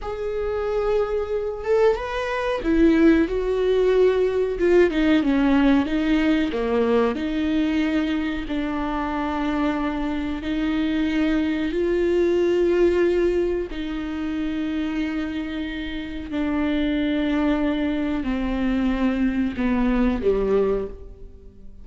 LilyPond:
\new Staff \with { instrumentName = "viola" } { \time 4/4 \tempo 4 = 92 gis'2~ gis'8 a'8 b'4 | e'4 fis'2 f'8 dis'8 | cis'4 dis'4 ais4 dis'4~ | dis'4 d'2. |
dis'2 f'2~ | f'4 dis'2.~ | dis'4 d'2. | c'2 b4 g4 | }